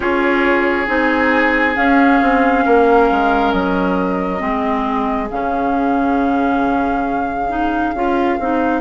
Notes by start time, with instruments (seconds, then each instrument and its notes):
0.00 bassoon C#4, clarinet F4, oboe G#4, flute C#5
0.87 bassoon C4, clarinet D#4, flute G#5
1.75 clarinet C#4, bassoon C#4, flute F5
2.21 bassoon C4
2.65 bassoon A#3, oboe A#4
3.10 bassoon G#3
3.52 bassoon F#3, flute D#5
4.39 bassoon G#3, clarinet C4, oboe G#4
5.30 bassoon C#3, clarinet C#4, flute F5
7.49 clarinet D#4
7.94 bassoon C#4, clarinet F4
8.39 bassoon C4, clarinet D#4